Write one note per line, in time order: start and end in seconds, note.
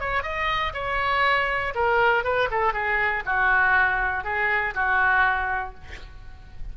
0.00 0.23 C#5
0.23 0.73 D#5
0.73 1.73 C#5
1.75 2.24 A#4
2.24 2.49 B4
2.51 2.73 A4
2.73 3.23 G#4
3.25 4.24 F#4
4.24 4.74 G#4
4.74 5.74 F#4